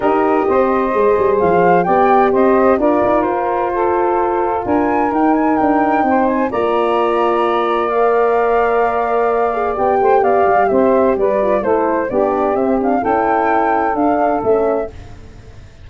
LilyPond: <<
  \new Staff \with { instrumentName = "flute" } { \time 4/4 \tempo 4 = 129 dis''2. f''4 | g''4 dis''4 d''4 c''4~ | c''2 gis''4 g''8 gis''8 | g''4. gis''8 ais''2~ |
ais''4 f''2.~ | f''4 g''4 f''4 e''4 | d''4 c''4 d''4 e''8 f''8 | g''2 f''4 e''4 | }
  \new Staff \with { instrumentName = "saxophone" } { \time 4/4 ais'4 c''2. | d''4 c''4 ais'2 | a'2 ais'2~ | ais'4 c''4 d''2~ |
d''1~ | d''4. c''8 d''4 c''4 | b'4 a'4 g'2 | a'1 | }
  \new Staff \with { instrumentName = "horn" } { \time 4/4 g'2 gis'2 | g'2 f'2~ | f'2. dis'4~ | dis'2 f'2~ |
f'4 ais'2.~ | ais'8 gis'8 g'2.~ | g'8 f'8 e'4 d'4 c'8 d'8 | e'2 d'4 cis'4 | }
  \new Staff \with { instrumentName = "tuba" } { \time 4/4 dis'4 c'4 gis8 g8 f4 | b4 c'4 d'8 dis'8 f'4~ | f'2 d'4 dis'4 | d'4 c'4 ais2~ |
ais1~ | ais4 b8 a8 b8 g8 c'4 | g4 a4 b4 c'4 | cis'2 d'4 a4 | }
>>